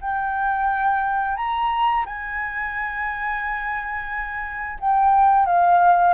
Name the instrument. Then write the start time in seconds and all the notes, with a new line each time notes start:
flute
0.00 G5
1.36 A#5
2.05 G#5
4.79 G5
5.45 F5